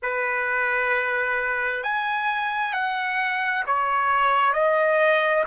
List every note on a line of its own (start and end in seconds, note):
0.02 1.83 B4
1.83 2.73 G#5
2.73 3.64 F#5
3.66 4.53 C#5
4.53 5.44 D#5